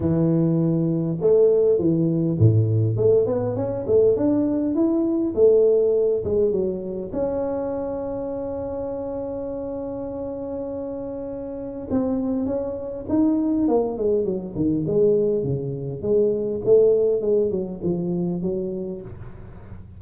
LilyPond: \new Staff \with { instrumentName = "tuba" } { \time 4/4 \tempo 4 = 101 e2 a4 e4 | a,4 a8 b8 cis'8 a8 d'4 | e'4 a4. gis8 fis4 | cis'1~ |
cis'1 | c'4 cis'4 dis'4 ais8 gis8 | fis8 dis8 gis4 cis4 gis4 | a4 gis8 fis8 f4 fis4 | }